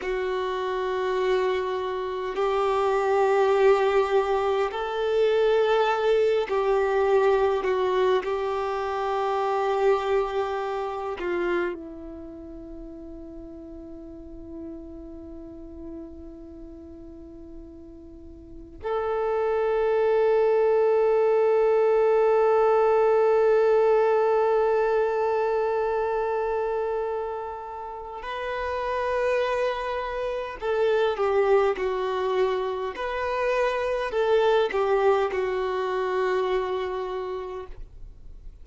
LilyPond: \new Staff \with { instrumentName = "violin" } { \time 4/4 \tempo 4 = 51 fis'2 g'2 | a'4. g'4 fis'8 g'4~ | g'4. f'8 e'2~ | e'1 |
a'1~ | a'1 | b'2 a'8 g'8 fis'4 | b'4 a'8 g'8 fis'2 | }